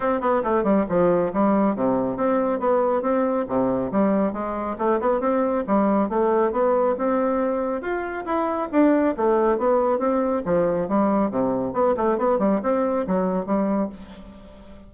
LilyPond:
\new Staff \with { instrumentName = "bassoon" } { \time 4/4 \tempo 4 = 138 c'8 b8 a8 g8 f4 g4 | c4 c'4 b4 c'4 | c4 g4 gis4 a8 b8 | c'4 g4 a4 b4 |
c'2 f'4 e'4 | d'4 a4 b4 c'4 | f4 g4 c4 b8 a8 | b8 g8 c'4 fis4 g4 | }